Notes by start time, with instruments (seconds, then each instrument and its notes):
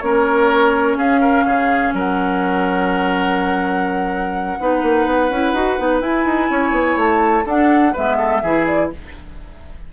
0.00 bassoon A#3, clarinet C#4, oboe A#4, flute C#5
0.96 bassoon C#4, oboe G#4, flute F5
1.21 oboe A#4
1.45 bassoon C#3, oboe G#4
1.93 bassoon F#3, oboe A#4, flute F#5
4.59 bassoon B3, clarinet D#4, oboe B4
4.82 bassoon A#3
5.05 bassoon B3
5.30 bassoon C#4, clarinet E4
5.52 bassoon D#4, clarinet F#4
5.78 bassoon B3, clarinet D#4
6.00 bassoon E4, clarinet E4, flute G#5
6.25 bassoon D#4
6.50 bassoon C#4, oboe C#5
6.71 bassoon B3
6.96 bassoon A3, flute A5
7.45 clarinet D4, bassoon D4, oboe A4, flute F#5
7.92 bassoon G#3, clarinet B3, oboe B4, flute E5
8.18 oboe A4
8.42 bassoon E3, clarinet E4, oboe G#4
8.66 flute D5